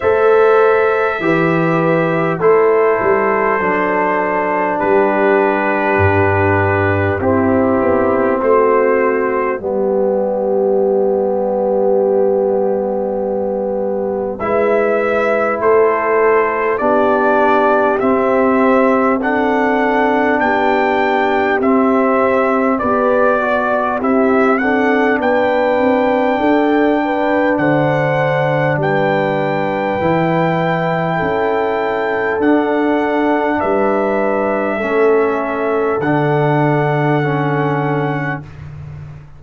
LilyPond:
<<
  \new Staff \with { instrumentName = "trumpet" } { \time 4/4 \tempo 4 = 50 e''2 c''2 | b'2 g'4 c''4 | d''1 | e''4 c''4 d''4 e''4 |
fis''4 g''4 e''4 d''4 | e''8 fis''8 g''2 fis''4 | g''2. fis''4 | e''2 fis''2 | }
  \new Staff \with { instrumentName = "horn" } { \time 4/4 c''4 b'4 a'2 | g'2 e'4 fis'4 | g'1 | b'4 a'4 g'2 |
a'4 g'2 b'8 d''8 | g'8 a'8 b'4 a'8 b'8 c''4 | b'2 a'2 | b'4 a'2. | }
  \new Staff \with { instrumentName = "trombone" } { \time 4/4 a'4 g'4 e'4 d'4~ | d'2 c'2 | b1 | e'2 d'4 c'4 |
d'2 c'4 g'8 fis'8 | e'8 d'2.~ d'8~ | d'4 e'2 d'4~ | d'4 cis'4 d'4 cis'4 | }
  \new Staff \with { instrumentName = "tuba" } { \time 4/4 a4 e4 a8 g8 fis4 | g4 g,4 c'8 b8 a4 | g1 | gis4 a4 b4 c'4~ |
c'4 b4 c'4 b4 | c'4 b8 c'8 d'4 d4 | g4 e4 cis'4 d'4 | g4 a4 d2 | }
>>